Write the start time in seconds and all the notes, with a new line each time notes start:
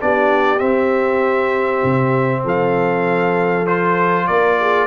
0.00 B3 D4 G4 D5
0.59 C4 E5
1.83 C3
2.43 F3 A4 F5
3.66 F4 C5
4.27 A#3 A#4 D5
4.60 G#4